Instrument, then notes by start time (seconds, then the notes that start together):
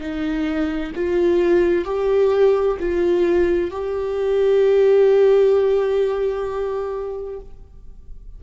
viola
0.00 D#4
0.96 F4
1.85 G4
2.80 F4
3.71 G4